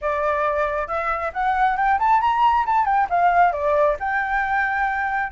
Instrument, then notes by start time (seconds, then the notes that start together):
flute
0.01 D5
0.87 E5
1.33 F#5
1.76 G5
1.99 A5
2.21 A#5
2.66 A5
2.85 G5
3.09 F5
3.52 D5
3.99 G5